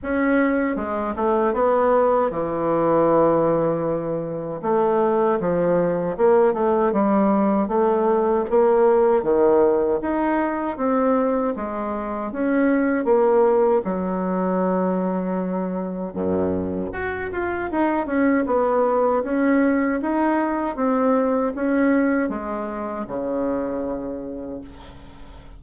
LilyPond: \new Staff \with { instrumentName = "bassoon" } { \time 4/4 \tempo 4 = 78 cis'4 gis8 a8 b4 e4~ | e2 a4 f4 | ais8 a8 g4 a4 ais4 | dis4 dis'4 c'4 gis4 |
cis'4 ais4 fis2~ | fis4 fis,4 fis'8 f'8 dis'8 cis'8 | b4 cis'4 dis'4 c'4 | cis'4 gis4 cis2 | }